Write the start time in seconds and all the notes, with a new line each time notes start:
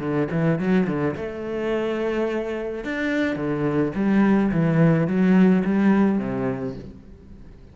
0.00 D3
0.31 E3
0.59 F#3
0.87 D3
1.16 A3
2.84 D4
3.36 D3
3.95 G3
4.51 E3
5.07 F#3
5.65 G3
6.19 C3